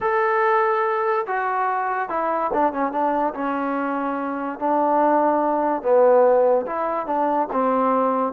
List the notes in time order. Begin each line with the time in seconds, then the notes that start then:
0.00 A4
1.27 F#4
2.09 E4
2.53 D4
2.72 C#4
2.91 D4
3.34 C#4
4.59 D4
5.82 B3
6.66 E4
7.06 D4
7.52 C4